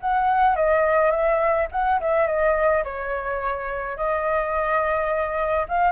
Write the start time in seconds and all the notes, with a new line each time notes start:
0.00 F#5
0.55 D#5
1.11 E5
1.71 F#5
2.00 E5
2.27 D#5
2.84 C#5
3.96 D#5
5.68 F5